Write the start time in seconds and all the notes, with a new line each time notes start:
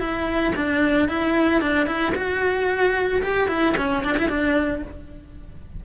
0.00 E4
0.56 D4
1.09 E4
1.61 D4
1.87 E4
2.15 F#4
3.23 G4
3.48 E4
3.77 C#4
4.04 D4
4.18 E4
4.29 D4